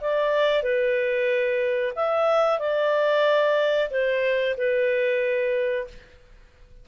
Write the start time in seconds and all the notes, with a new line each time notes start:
0.00 D5
0.62 B4
1.95 E5
2.59 D5
3.90 C5
4.57 B4